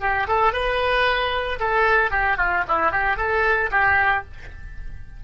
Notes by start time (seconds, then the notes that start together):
0.00 G4
0.27 A4
0.53 B4
1.59 A4
2.10 G4
2.37 F4
2.68 E4
2.91 G4
3.17 A4
3.71 G4